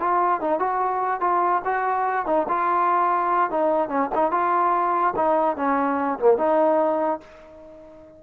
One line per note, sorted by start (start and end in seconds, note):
0.00 0.41 F4
0.41 0.60 D#4
0.60 1.21 F#4
1.21 1.62 F4
1.65 2.26 F#4
2.26 2.47 D#4
2.49 3.51 F4
3.51 3.89 D#4
3.89 4.10 C#4
4.15 4.32 D#4
4.32 5.14 F4
5.16 5.57 D#4
5.57 6.19 C#4
6.20 6.38 A#3
6.38 7.21 D#4